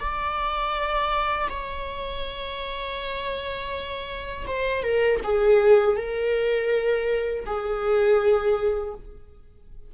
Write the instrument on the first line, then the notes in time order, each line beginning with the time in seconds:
viola
0.00 D5
1.49 C#5
4.47 C5
4.83 A#4
5.24 G#4
5.97 A#4
7.46 G#4